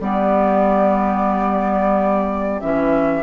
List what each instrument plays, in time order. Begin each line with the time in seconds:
0.00 bassoon G3, clarinet B3, oboe G4, flute D5
2.60 bassoon E3, clarinet C#4, flute E5